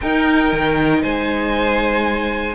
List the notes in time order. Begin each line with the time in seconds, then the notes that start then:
0.00 D#4 A#4 G5
0.52 D#3
1.02 G#3 C5 G#5